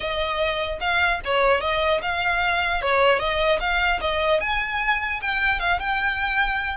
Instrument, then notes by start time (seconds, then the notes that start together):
violin
0.00 D#5
0.80 F5
1.24 C#5
1.61 D#5
2.02 F5
2.81 C#5
3.19 D#5
3.59 F5
4.00 D#5
4.40 G#5
5.21 G5
5.59 F5
5.79 G5